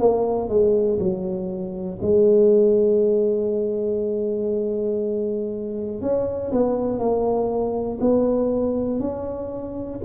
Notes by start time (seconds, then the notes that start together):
0.00 A#3
0.49 G#3
0.99 F#3
2.02 G#3
6.02 C#4
6.52 B3
6.99 A#3
8.01 B3
9.00 C#4